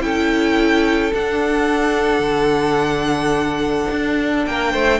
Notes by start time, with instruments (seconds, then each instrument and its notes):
0.00 cello C#4, viola E4, violin A4 G5
1.14 cello D4, viola D4, violin F#5
2.19 cello D3
3.91 cello D4
4.46 cello A#3, violin A#4 G5
4.72 cello A3, violin C5